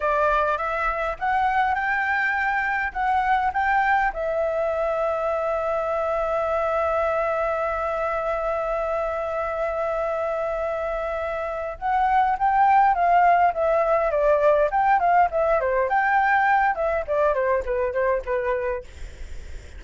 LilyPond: \new Staff \with { instrumentName = "flute" } { \time 4/4 \tempo 4 = 102 d''4 e''4 fis''4 g''4~ | g''4 fis''4 g''4 e''4~ | e''1~ | e''1~ |
e''1 | fis''4 g''4 f''4 e''4 | d''4 g''8 f''8 e''8 c''8 g''4~ | g''8 e''8 d''8 c''8 b'8 c''8 b'4 | }